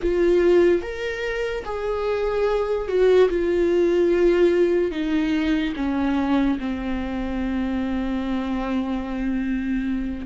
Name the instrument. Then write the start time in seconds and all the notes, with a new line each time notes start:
viola
0.02 F4
0.81 A#4
1.64 G#4
2.88 F#4
3.29 F4
4.91 D#4
5.76 C#4
6.59 C4